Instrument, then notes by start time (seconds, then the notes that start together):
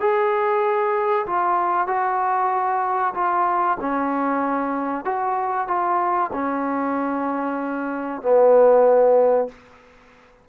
trombone
0.00 G#4
1.27 F4
1.87 F#4
3.15 F4
3.81 C#4
5.05 F#4
5.68 F4
6.33 C#4
8.22 B3